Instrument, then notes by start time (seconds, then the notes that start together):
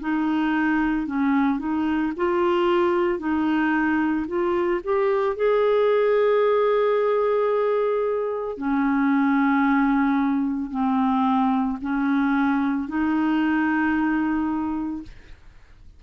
clarinet
0.00 D#4
1.07 C#4
1.59 D#4
2.17 F4
3.19 D#4
4.27 F4
4.84 G4
5.36 G#4
8.57 C#4
10.71 C4
11.81 C#4
12.88 D#4